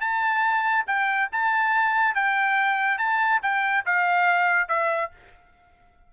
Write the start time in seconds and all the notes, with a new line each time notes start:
0.00 A5
0.86 G5
1.31 A5
2.15 G5
2.98 A5
3.42 G5
3.85 F5
4.68 E5